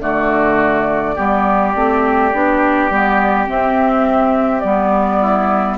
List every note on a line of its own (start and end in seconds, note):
0.00 1.16 D3
0.00 1.15 A3
0.00 1.15 F#4
0.00 3.47 D5
1.15 1.76 G3
1.15 1.74 B3
1.15 5.19 G4
1.75 2.33 A3
1.75 2.32 C4
2.33 2.90 B3
2.33 2.91 D4
2.90 3.48 G3
2.90 3.47 B3
3.47 4.62 C4
3.47 4.64 C4
3.47 4.60 E5
4.60 5.78 G3
4.60 5.78 B3
4.60 5.76 D5
5.22 5.78 E4